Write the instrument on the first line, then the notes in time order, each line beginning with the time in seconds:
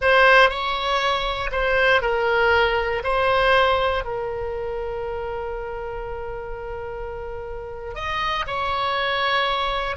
oboe
0.01 C5
0.49 C#5
1.51 C5
2.01 A#4
3.03 C5
4.04 A#4
7.94 D#5
8.47 C#5